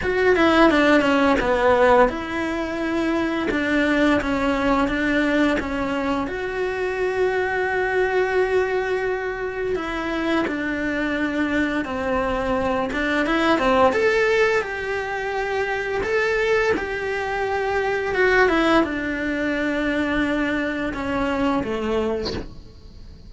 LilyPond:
\new Staff \with { instrumentName = "cello" } { \time 4/4 \tempo 4 = 86 fis'8 e'8 d'8 cis'8 b4 e'4~ | e'4 d'4 cis'4 d'4 | cis'4 fis'2.~ | fis'2 e'4 d'4~ |
d'4 c'4. d'8 e'8 c'8 | a'4 g'2 a'4 | g'2 fis'8 e'8 d'4~ | d'2 cis'4 a4 | }